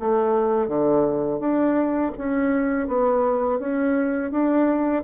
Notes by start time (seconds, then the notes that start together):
0.00 A3
0.68 D3
1.40 D4
2.18 C#4
2.88 B3
3.59 C#4
4.32 D4